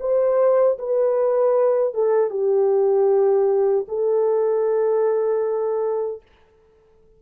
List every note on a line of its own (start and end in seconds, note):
0.00 0.78 C5
0.79 1.94 B4
1.94 2.30 A4
2.30 3.86 G4
3.88 6.22 A4